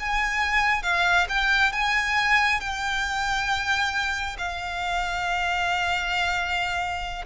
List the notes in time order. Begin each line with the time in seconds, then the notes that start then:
0.00 G#5
0.83 F5
1.29 G5
1.73 G#5
2.61 G5
4.38 F5